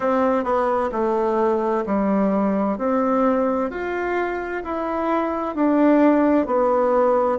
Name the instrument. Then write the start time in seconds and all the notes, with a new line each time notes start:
bassoon
0.00 C4
0.44 B3
0.92 A3
1.85 G3
2.78 C4
3.70 F4
4.64 E4
5.55 D4
6.46 B3